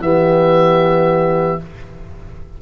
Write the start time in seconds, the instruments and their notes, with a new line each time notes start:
0.00 tuba E3, trombone B3, horn G4, oboe E5